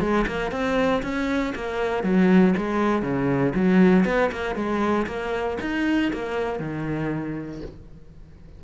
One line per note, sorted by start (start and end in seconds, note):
0.00 0.25 G#3
0.27 0.52 A#3
0.52 1.02 C4
1.03 1.53 C#4
1.55 2.03 A#3
2.03 2.54 F#3
2.57 3.02 G#3
3.02 3.53 C#3
3.55 4.05 F#3
4.05 4.31 B3
4.32 4.56 A#3
4.56 5.06 G#3
5.07 5.58 A#3
5.61 6.12 D#4
6.13 6.59 A#3
6.59 7.61 D#3